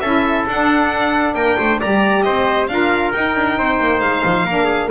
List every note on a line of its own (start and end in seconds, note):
0.00 0.45 C#4
0.00 0.48 E4
0.00 1.35 A4
0.00 0.44 E5
0.47 1.34 D4
0.47 1.82 D4
0.47 1.34 F#5
1.34 1.57 A#3
1.34 1.57 A#4
1.34 1.79 G5
1.58 1.81 A3
1.58 1.80 C5
1.80 2.26 G3
1.80 2.69 G4
1.80 2.24 D5
1.80 2.22 A#5
2.22 2.68 C4
2.22 2.70 C5
2.22 2.67 D#5
2.67 3.13 D4
2.67 3.13 F4
2.67 3.12 F5
2.73 3.58 A#4
3.12 4.47 D#4
3.12 3.35 D#4
3.12 4.00 G5
3.35 3.57 D4
3.57 3.79 C4
3.57 4.46 C5
3.80 4.01 A#3
4.00 4.23 G#3
4.00 4.89 F5
4.25 4.45 F3
4.45 4.89 A#3
4.45 4.91 D4
4.45 4.64 A#4
4.64 4.87 G#4